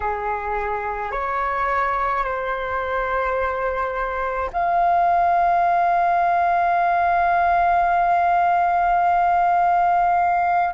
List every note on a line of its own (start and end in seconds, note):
0.00 1.11 G#4
1.11 2.24 C#5
2.24 4.50 C5
4.53 10.73 F5